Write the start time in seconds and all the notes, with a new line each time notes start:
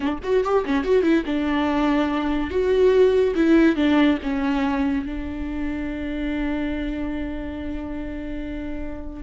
0.00 D4
0.23 F#4
0.44 G4
0.65 C#4
0.84 F#4
1.02 E4
1.25 D4
2.50 F#4
3.35 E4
3.76 D4
4.22 C#4
5.05 D4